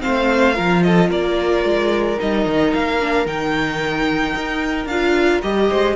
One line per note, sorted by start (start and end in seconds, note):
0.00 0.54 C4
0.00 0.56 C5
0.00 0.83 F5
0.06 0.58 A3
0.55 1.11 F3
0.55 2.17 F4
0.55 0.83 A#4
0.83 1.10 A4
0.83 1.10 D#5
1.10 1.64 A#3
1.10 5.69 A#4
1.10 2.20 D5
1.64 2.18 G#3
2.18 2.46 G3
2.18 3.00 D#4
2.18 2.74 D#5
2.46 2.73 D#3
2.74 3.26 A#3
2.74 3.27 F5
3.02 3.26 D4
3.26 4.34 D#3
3.26 4.89 D#4
3.26 4.87 G5
4.36 4.86 D#4
4.86 5.40 D4
4.86 5.43 F4
4.86 5.41 F5
5.43 5.71 G3
5.43 5.96 G4
5.43 5.96 D#5
5.69 5.96 G#3
5.69 5.96 C5